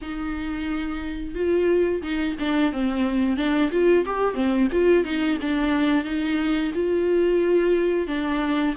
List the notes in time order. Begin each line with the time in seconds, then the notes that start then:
0.01 D#4
1.34 F4
2.02 D#4
2.39 D4
2.72 C4
3.36 D4
3.71 F4
4.05 G4
4.34 C4
4.72 F4
5.04 D#4
5.41 D4
6.04 D#4
6.74 F4
8.07 D4